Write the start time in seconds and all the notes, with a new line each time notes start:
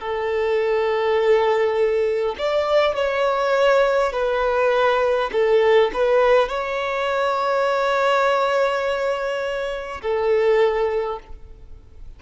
0.00 A4
2.38 D5
2.95 C#5
4.12 B4
5.32 A4
5.93 B4
6.48 C#5
10.02 A4